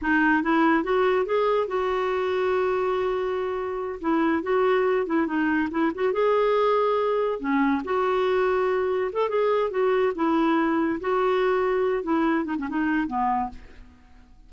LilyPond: \new Staff \with { instrumentName = "clarinet" } { \time 4/4 \tempo 4 = 142 dis'4 e'4 fis'4 gis'4 | fis'1~ | fis'4. e'4 fis'4. | e'8 dis'4 e'8 fis'8 gis'4.~ |
gis'4. cis'4 fis'4.~ | fis'4. a'8 gis'4 fis'4 | e'2 fis'2~ | fis'8 e'4 dis'16 cis'16 dis'4 b4 | }